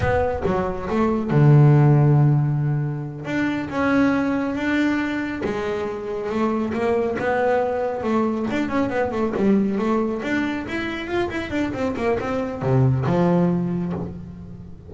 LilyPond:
\new Staff \with { instrumentName = "double bass" } { \time 4/4 \tempo 4 = 138 b4 fis4 a4 d4~ | d2.~ d8 d'8~ | d'8 cis'2 d'4.~ | d'8 gis2 a4 ais8~ |
ais8 b2 a4 d'8 | cis'8 b8 a8 g4 a4 d'8~ | d'8 e'4 f'8 e'8 d'8 c'8 ais8 | c'4 c4 f2 | }